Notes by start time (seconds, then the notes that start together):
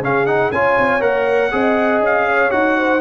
0.00 C#3 C#4 G#4 F5
0.26 D#4 F#5
0.52 C#4 F4 C#5 G#5
0.78 C4
1.00 A#3 A#4 F#5
1.51 C4 G#4 D#5
2.00 C#4 F5
2.29 C#5
2.50 D#4 F#4 F#5
2.77 C5